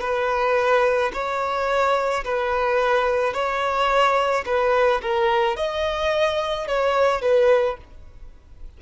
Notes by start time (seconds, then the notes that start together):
0.00 B4
1.13 C#5
2.24 B4
3.33 C#5
4.45 B4
5.02 A#4
5.56 D#5
6.67 C#5
7.21 B4